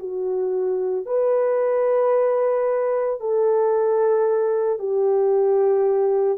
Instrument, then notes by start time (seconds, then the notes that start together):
horn
0.00 F#4
1.06 B4
3.21 A4
4.79 G4